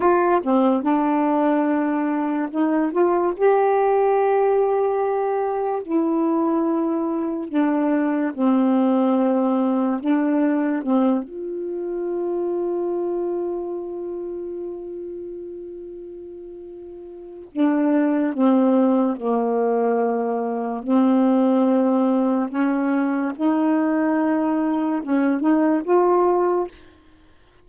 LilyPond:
\new Staff \with { instrumentName = "saxophone" } { \time 4/4 \tempo 4 = 72 f'8 c'8 d'2 dis'8 f'8 | g'2. e'4~ | e'4 d'4 c'2 | d'4 c'8 f'2~ f'8~ |
f'1~ | f'4 d'4 c'4 ais4~ | ais4 c'2 cis'4 | dis'2 cis'8 dis'8 f'4 | }